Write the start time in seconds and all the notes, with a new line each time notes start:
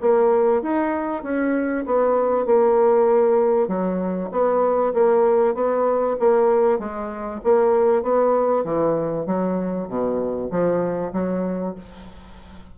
0.00 A#3
0.62 D#4
1.23 C#4
1.85 B3
2.45 A#3
3.67 F#3
4.31 B3
4.93 A#3
5.54 B3
6.19 A#3
6.78 G#3
7.44 A#3
8.02 B3
8.64 E3
9.26 F#3
9.88 B2
10.51 F3
11.13 F#3